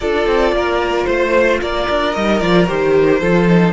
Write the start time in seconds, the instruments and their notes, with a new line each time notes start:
0.00 cello D4, viola F4, violin A4 D5
0.26 cello C4
0.52 cello A#3, violin A#4
1.05 cello A3, violin C5
1.61 cello A#3, violin A#4 D5
1.89 cello D4
2.13 cello G3, viola D#4, violin D#5
2.40 cello F3, viola F4, violin D5
2.66 cello D#3, viola G4, violin C5
3.20 cello F3, viola F4, violin A4
3.48 viola D#4